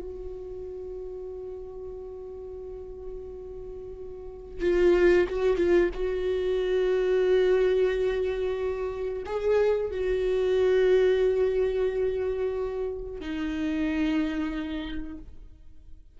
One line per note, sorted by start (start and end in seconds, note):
0.00 4.61 F#4
4.61 5.27 F4
5.28 5.57 F#4
5.57 5.90 F4
5.94 9.23 F#4
9.25 9.91 G#4
9.91 13.20 F#4
13.20 15.18 D#4